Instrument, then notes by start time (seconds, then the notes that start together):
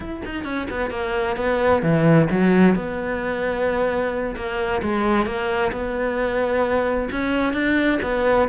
cello
0.00 E4
0.25 D#4
0.44 C#4
0.70 B3
0.90 A#3
1.36 B3
1.82 E3
2.30 F#3
2.75 B3
4.35 A#3
4.82 G#3
5.25 A#3
5.71 B3
7.11 C#4
7.53 D4
8.02 B3